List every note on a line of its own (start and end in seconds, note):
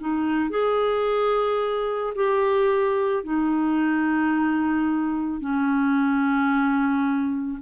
0.00 0.50 D#4
0.50 2.14 G#4
2.15 3.23 G4
3.23 5.40 D#4
5.40 7.59 C#4